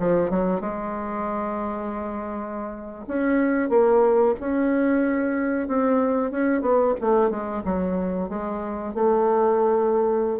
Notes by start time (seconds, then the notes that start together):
0.00 F3
0.31 F#3
0.61 G#3
3.08 C#4
3.70 A#3
4.41 C#4
5.68 C4
6.31 C#4
6.62 B3
7.01 A3
7.31 G#3
7.65 F#3
8.29 G#3
8.94 A3